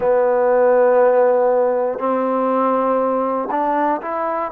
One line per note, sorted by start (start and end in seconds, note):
0.00 1.98 B3
1.98 3.48 C4
3.50 4.00 D4
4.01 4.51 E4